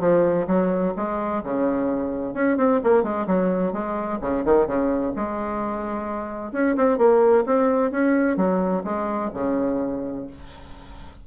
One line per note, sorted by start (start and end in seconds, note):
0.00 0.47 F3
0.47 0.94 F#3
0.96 1.43 G#3
1.44 2.34 C#3
2.34 2.57 C#4
2.57 2.80 C4
2.84 3.03 A#3
3.03 3.26 G#3
3.27 3.73 F#3
3.73 4.19 G#3
4.21 4.44 C#3
4.45 4.67 D#3
4.67 5.13 C#3
5.16 6.53 G#3
6.53 6.76 C#4
6.76 6.98 C4
6.98 7.44 A#3
7.46 7.91 C4
7.91 8.37 C#4
8.37 8.83 F#3
8.84 9.31 G#3
9.34 10.27 C#3